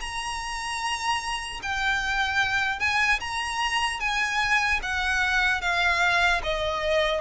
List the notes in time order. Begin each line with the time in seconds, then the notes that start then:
0.00 A#5
1.62 G5
2.79 G#5
3.20 A#5
4.00 G#5
4.82 F#5
5.61 F5
6.43 D#5